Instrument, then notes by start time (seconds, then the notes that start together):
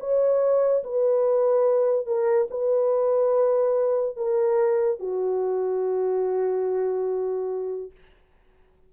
horn
0.00 C#5
0.84 B4
2.06 A#4
2.50 B4
4.16 A#4
5.00 F#4